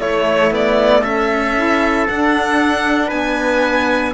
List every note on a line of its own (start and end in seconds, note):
0.00 0.51 A3
0.00 1.56 A3
0.00 1.01 E4
0.00 0.53 C#5
0.51 1.03 B3
0.51 1.04 D5
1.01 2.07 C#4
1.01 3.07 A4
1.01 2.07 E5
1.56 2.08 E4
2.08 3.12 D4
2.08 4.14 D4
2.08 3.10 F#5
3.07 4.14 B3
3.07 4.10 B4
3.07 4.13 G#5